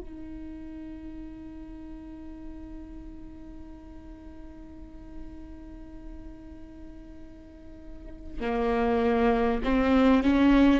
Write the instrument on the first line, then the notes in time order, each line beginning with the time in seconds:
viola
0.00 D#4
8.40 A#3
9.64 C4
10.23 C#4